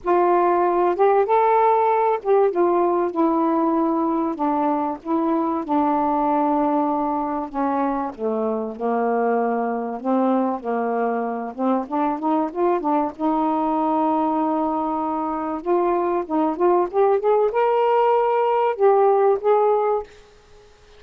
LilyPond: \new Staff \with { instrumentName = "saxophone" } { \time 4/4 \tempo 4 = 96 f'4. g'8 a'4. g'8 | f'4 e'2 d'4 | e'4 d'2. | cis'4 a4 ais2 |
c'4 ais4. c'8 d'8 dis'8 | f'8 d'8 dis'2.~ | dis'4 f'4 dis'8 f'8 g'8 gis'8 | ais'2 g'4 gis'4 | }